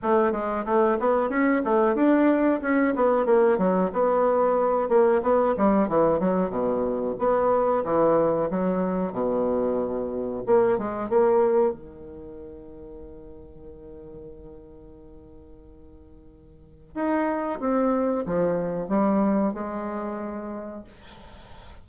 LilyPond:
\new Staff \with { instrumentName = "bassoon" } { \time 4/4 \tempo 4 = 92 a8 gis8 a8 b8 cis'8 a8 d'4 | cis'8 b8 ais8 fis8 b4. ais8 | b8 g8 e8 fis8 b,4 b4 | e4 fis4 b,2 |
ais8 gis8 ais4 dis2~ | dis1~ | dis2 dis'4 c'4 | f4 g4 gis2 | }